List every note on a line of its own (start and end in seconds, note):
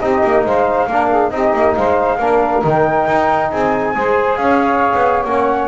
0.00 0.23 C4
0.00 0.89 D#4
0.00 0.45 G4
0.00 0.44 D#5
0.24 0.46 A#3
0.45 0.87 G#3
0.45 0.88 C5
0.45 1.31 F5
0.87 1.31 A#3
0.87 1.32 D4
0.87 1.09 A#4
1.09 1.31 G#4
1.31 1.53 C4
1.31 2.19 D#4
1.31 1.77 G4
1.31 1.75 D#5
1.54 1.76 A#3
1.76 2.19 G#3
1.76 2.18 C5
1.76 2.63 F5
2.18 2.63 A#3
2.18 2.63 D4
2.18 3.49 A#4
2.63 3.08 D#3
2.63 3.95 D#4
2.63 3.51 G5
3.08 3.52 D#4
3.51 3.96 C4
3.51 3.96 G#4
3.51 4.36 G#5
3.96 4.38 G#3
3.96 5.27 G#4
3.96 4.40 C5
4.36 4.93 C#4
4.36 5.68 C#5
4.36 5.24 F5
4.95 5.25 B3
5.25 5.68 A#3
5.25 5.68 C#4
5.25 5.68 F#5